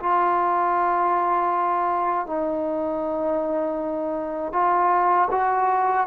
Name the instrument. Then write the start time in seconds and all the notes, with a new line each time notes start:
trombone
0.00 F4
2.27 D#4
4.53 F4
5.31 F#4